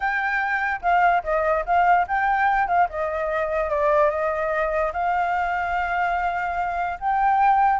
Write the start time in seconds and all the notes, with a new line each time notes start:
0.00 G5
0.81 F5
1.23 D#5
1.65 F5
2.07 G5
2.67 F5
2.89 D#5
3.70 D5
4.09 D#5
4.92 F5
7.00 G5